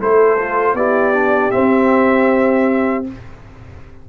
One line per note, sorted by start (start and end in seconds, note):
0.00 0.74 A3
0.00 0.38 E4
0.00 0.77 A4
0.00 0.76 C5
0.39 0.77 F4
0.74 1.51 B3
0.74 1.14 E4
0.74 3.08 G4
0.74 1.51 D5
1.14 1.51 D4
1.51 3.05 C4
1.51 3.09 C4
1.51 3.05 E5